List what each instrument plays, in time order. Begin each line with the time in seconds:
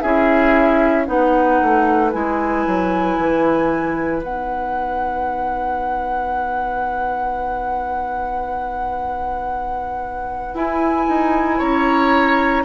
0.00 bassoon C#4, clarinet E4, oboe G#4, flute E5
1.06 bassoon B3, clarinet D#4, oboe B4, flute F#5
1.62 bassoon A3
2.11 bassoon G#3, clarinet E4, flute G#5
2.66 bassoon F#3
3.18 bassoon E3
4.22 bassoon B3, clarinet D#4, flute F#5
10.54 bassoon E4, clarinet E4, flute G#5
11.08 bassoon D#4
11.58 bassoon C#4, oboe C#5, flute A#5